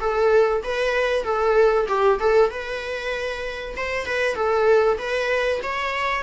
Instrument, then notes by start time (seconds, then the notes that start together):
viola
0.00 A4
0.64 B4
1.24 A4
1.88 G4
2.20 A4
2.50 B4
3.76 C5
4.06 B4
4.35 A4
4.98 B4
5.63 C#5